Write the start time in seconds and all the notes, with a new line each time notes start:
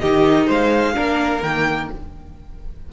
0.00 D#3 D#4 G4 D#5
0.47 G#3 C5 F5
0.95 A#3 D4 A#4
1.42 D#3 A#3 G5